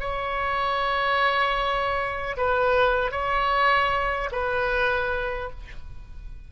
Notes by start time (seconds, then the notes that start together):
0.00 C#5
2.38 B4
3.11 C#5
4.32 B4